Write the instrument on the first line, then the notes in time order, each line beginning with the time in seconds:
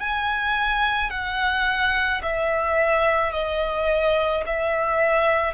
violin
0.00 G#5
1.10 F#5
2.23 E5
3.33 D#5
4.46 E5